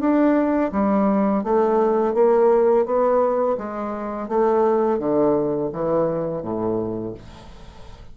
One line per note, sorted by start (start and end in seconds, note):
0.00 0.71 D4
0.72 1.44 G3
1.44 2.14 A3
2.14 2.86 A#3
2.86 3.57 B3
3.57 4.29 G#3
4.29 4.99 A3
4.99 5.70 D3
5.73 6.43 E3
6.43 7.14 A2